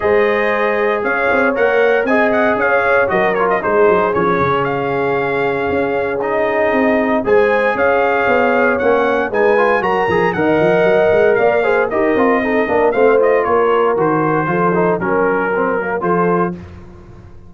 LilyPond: <<
  \new Staff \with { instrumentName = "trumpet" } { \time 4/4 \tempo 4 = 116 dis''2 f''4 fis''4 | gis''8 fis''8 f''4 dis''8 cis''16 dis''16 c''4 | cis''4 f''2. | dis''2 gis''4 f''4~ |
f''4 fis''4 gis''4 ais''4 | fis''2 f''4 dis''4~ | dis''4 f''8 dis''8 cis''4 c''4~ | c''4 ais'2 c''4 | }
  \new Staff \with { instrumentName = "horn" } { \time 4/4 c''2 cis''2 | dis''4 cis''4 ais'4 gis'4~ | gis'1~ | gis'2 c''4 cis''4~ |
cis''2 b'4 ais'4 | dis''2 d''8 c''8 ais'4 | a'8 ais'8 c''4 ais'2 | a'4 ais'2 a'4 | }
  \new Staff \with { instrumentName = "trombone" } { \time 4/4 gis'2. ais'4 | gis'2 fis'8 f'8 dis'4 | cis'1 | dis'2 gis'2~ |
gis'4 cis'4 dis'8 f'8 fis'8 gis'8 | ais'2~ ais'8 gis'8 g'8 f'8 | dis'8 d'8 c'8 f'4. fis'4 | f'8 dis'8 cis'4 c'8 ais8 f'4 | }
  \new Staff \with { instrumentName = "tuba" } { \time 4/4 gis2 cis'8 c'8 ais4 | c'4 cis'4 fis4 gis8 fis8 | f8 cis2~ cis8 cis'4~ | cis'4 c'4 gis4 cis'4 |
b4 ais4 gis4 fis8 f8 | dis8 f8 fis8 gis8 ais4 dis'8 c'8~ | c'8 ais8 a4 ais4 dis4 | f4 fis2 f4 | }
>>